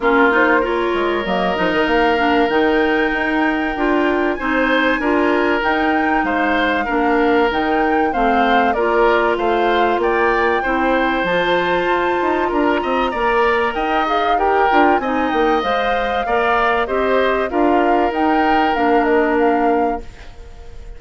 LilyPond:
<<
  \new Staff \with { instrumentName = "flute" } { \time 4/4 \tempo 4 = 96 ais'8 c''8 cis''4 dis''4 f''4 | g''2. gis''4~ | gis''4 g''4 f''2 | g''4 f''4 d''4 f''4 |
g''2 a''2 | ais''2 g''8 f''8 g''4 | gis''8 g''8 f''2 dis''4 | f''4 g''4 f''8 dis''8 f''4 | }
  \new Staff \with { instrumentName = "oboe" } { \time 4/4 f'4 ais'2.~ | ais'2. c''4 | ais'2 c''4 ais'4~ | ais'4 c''4 ais'4 c''4 |
d''4 c''2. | ais'8 dis''8 d''4 dis''4 ais'4 | dis''2 d''4 c''4 | ais'1 | }
  \new Staff \with { instrumentName = "clarinet" } { \time 4/4 cis'8 dis'8 f'4 ais8 dis'4 d'8 | dis'2 f'4 dis'4 | f'4 dis'2 d'4 | dis'4 c'4 f'2~ |
f'4 e'4 f'2~ | f'4 ais'4. gis'8 g'8 f'8 | dis'4 c''4 ais'4 g'4 | f'4 dis'4 d'2 | }
  \new Staff \with { instrumentName = "bassoon" } { \time 4/4 ais4. gis8 fis8 f16 dis16 ais4 | dis4 dis'4 d'4 c'4 | d'4 dis'4 gis4 ais4 | dis4 a4 ais4 a4 |
ais4 c'4 f4 f'8 dis'8 | d'8 c'8 ais4 dis'4. d'8 | c'8 ais8 gis4 ais4 c'4 | d'4 dis'4 ais2 | }
>>